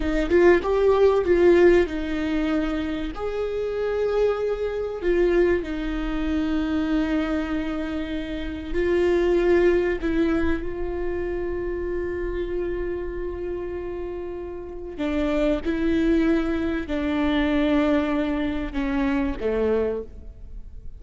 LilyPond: \new Staff \with { instrumentName = "viola" } { \time 4/4 \tempo 4 = 96 dis'8 f'8 g'4 f'4 dis'4~ | dis'4 gis'2. | f'4 dis'2.~ | dis'2 f'2 |
e'4 f'2.~ | f'1 | d'4 e'2 d'4~ | d'2 cis'4 a4 | }